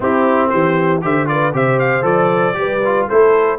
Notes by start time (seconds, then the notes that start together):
0.00 C4 E4 G4
0.49 E3 G4 C5
1.01 D3 G4 C5 E5
1.26 F4 B4 D5
1.53 C3 G4 C5 E5
1.79 F5
2.02 F3 A4 D5
2.53 G3 G4 B4
2.85 F4
3.07 A3 E4 A4 C5